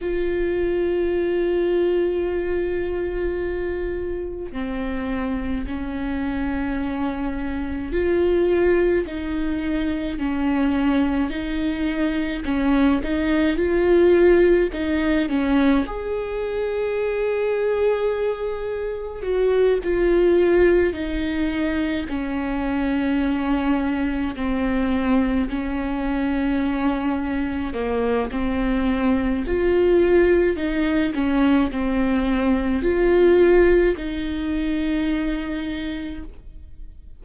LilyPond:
\new Staff \with { instrumentName = "viola" } { \time 4/4 \tempo 4 = 53 f'1 | c'4 cis'2 f'4 | dis'4 cis'4 dis'4 cis'8 dis'8 | f'4 dis'8 cis'8 gis'2~ |
gis'4 fis'8 f'4 dis'4 cis'8~ | cis'4. c'4 cis'4.~ | cis'8 ais8 c'4 f'4 dis'8 cis'8 | c'4 f'4 dis'2 | }